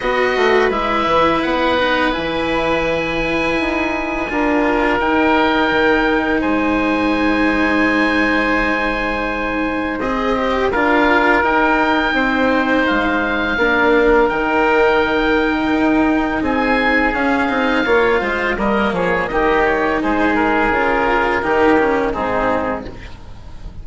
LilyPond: <<
  \new Staff \with { instrumentName = "oboe" } { \time 4/4 \tempo 4 = 84 dis''4 e''4 fis''4 gis''4~ | gis''2. g''4~ | g''4 gis''2.~ | gis''2 dis''4 f''4 |
g''2 f''2 | g''2. gis''4 | f''2 dis''8 cis''8 dis''8 cis''8 | c''8 ais'2~ ais'8 gis'4 | }
  \new Staff \with { instrumentName = "oboe" } { \time 4/4 b'1~ | b'2 ais'2~ | ais'4 c''2.~ | c''2. ais'4~ |
ais'4 c''2 ais'4~ | ais'2. gis'4~ | gis'4 cis''8 c''8 ais'8 gis'8 g'4 | gis'2 g'4 dis'4 | }
  \new Staff \with { instrumentName = "cello" } { \time 4/4 fis'4 e'4. dis'8 e'4~ | e'2 f'4 dis'4~ | dis'1~ | dis'2 gis'8 g'8 f'4 |
dis'2. d'4 | dis'1 | cis'8 dis'8 f'4 ais4 dis'4~ | dis'4 f'4 dis'8 cis'8 c'4 | }
  \new Staff \with { instrumentName = "bassoon" } { \time 4/4 b8 a8 gis8 e8 b4 e4~ | e4 dis'4 d'4 dis'4 | dis4 gis2.~ | gis2 c'4 d'4 |
dis'4 c'4 gis4 ais4 | dis2 dis'4 c'4 | cis'8 c'8 ais8 gis8 g8 f8 dis4 | gis4 cis4 dis4 gis,4 | }
>>